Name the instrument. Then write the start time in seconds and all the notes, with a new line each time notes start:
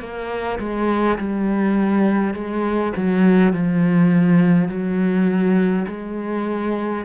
cello
0.00 A#3
0.59 G#3
1.19 G3
2.35 G#3
2.97 F#3
3.53 F3
4.68 F#3
5.88 G#3